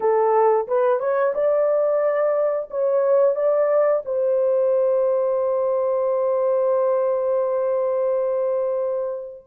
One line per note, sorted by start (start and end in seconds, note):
0.00 0.67 A4
0.67 0.99 B4
0.99 1.33 C#5
1.34 2.69 D5
2.70 3.35 C#5
3.35 4.03 D5
4.04 9.44 C5